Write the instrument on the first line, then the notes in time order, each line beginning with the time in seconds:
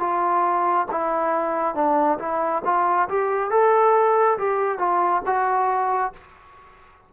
trombone
0.00 F4
0.92 E4
1.75 D4
2.19 E4
2.66 F4
3.09 G4
3.51 A4
4.39 G4
4.79 F4
5.26 F#4